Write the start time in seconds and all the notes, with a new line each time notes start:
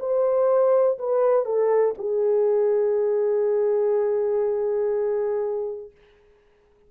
0.00 C5
0.98 B4
1.45 A4
1.98 G#4